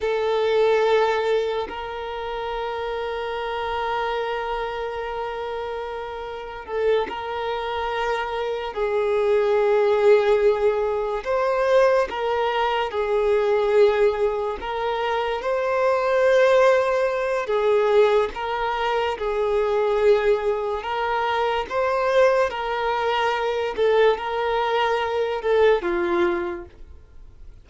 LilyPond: \new Staff \with { instrumentName = "violin" } { \time 4/4 \tempo 4 = 72 a'2 ais'2~ | ais'1 | a'8 ais'2 gis'4.~ | gis'4. c''4 ais'4 gis'8~ |
gis'4. ais'4 c''4.~ | c''4 gis'4 ais'4 gis'4~ | gis'4 ais'4 c''4 ais'4~ | ais'8 a'8 ais'4. a'8 f'4 | }